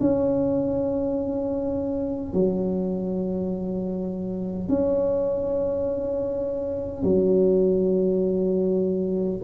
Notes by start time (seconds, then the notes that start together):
0.00 C#4
2.33 F#3
4.68 C#4
7.03 F#3